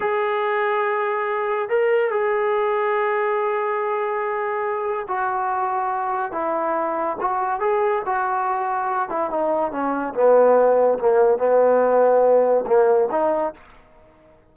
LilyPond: \new Staff \with { instrumentName = "trombone" } { \time 4/4 \tempo 4 = 142 gis'1 | ais'4 gis'2.~ | gis'1 | fis'2. e'4~ |
e'4 fis'4 gis'4 fis'4~ | fis'4. e'8 dis'4 cis'4 | b2 ais4 b4~ | b2 ais4 dis'4 | }